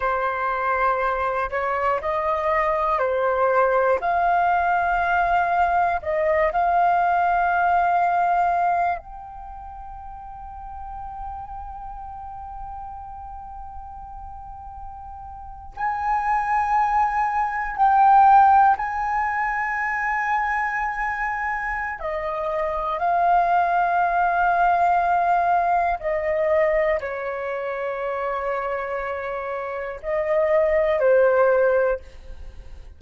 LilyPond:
\new Staff \with { instrumentName = "flute" } { \time 4/4 \tempo 4 = 60 c''4. cis''8 dis''4 c''4 | f''2 dis''8 f''4.~ | f''4 g''2.~ | g''2.~ g''8. gis''16~ |
gis''4.~ gis''16 g''4 gis''4~ gis''16~ | gis''2 dis''4 f''4~ | f''2 dis''4 cis''4~ | cis''2 dis''4 c''4 | }